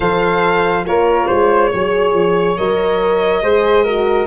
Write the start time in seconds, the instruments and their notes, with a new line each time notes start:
0.00 tuba F3, horn A4, flute C5, violin F5
0.85 tuba A#3, horn F4, flute A#4, violin C#5
1.26 tuba G#3, flute C5
1.70 tuba F#3, horn G#4, flute C#5
2.13 tuba F3
2.57 tuba F#3, horn A#4, violin D#5
3.42 tuba G#3, horn G#4, flute C5
3.84 horn F#4, flute A#4